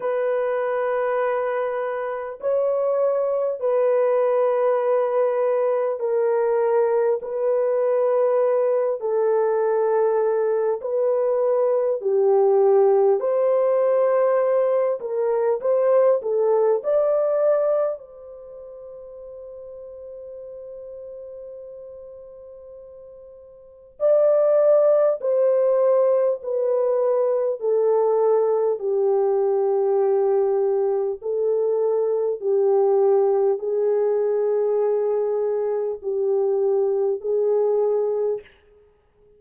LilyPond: \new Staff \with { instrumentName = "horn" } { \time 4/4 \tempo 4 = 50 b'2 cis''4 b'4~ | b'4 ais'4 b'4. a'8~ | a'4 b'4 g'4 c''4~ | c''8 ais'8 c''8 a'8 d''4 c''4~ |
c''1 | d''4 c''4 b'4 a'4 | g'2 a'4 g'4 | gis'2 g'4 gis'4 | }